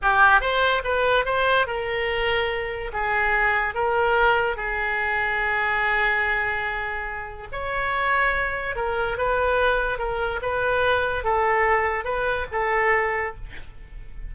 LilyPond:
\new Staff \with { instrumentName = "oboe" } { \time 4/4 \tempo 4 = 144 g'4 c''4 b'4 c''4 | ais'2. gis'4~ | gis'4 ais'2 gis'4~ | gis'1~ |
gis'2 cis''2~ | cis''4 ais'4 b'2 | ais'4 b'2 a'4~ | a'4 b'4 a'2 | }